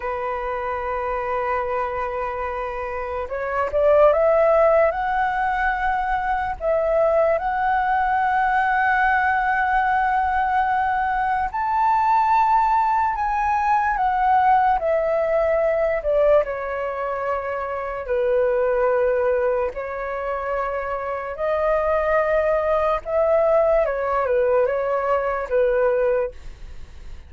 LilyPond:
\new Staff \with { instrumentName = "flute" } { \time 4/4 \tempo 4 = 73 b'1 | cis''8 d''8 e''4 fis''2 | e''4 fis''2.~ | fis''2 a''2 |
gis''4 fis''4 e''4. d''8 | cis''2 b'2 | cis''2 dis''2 | e''4 cis''8 b'8 cis''4 b'4 | }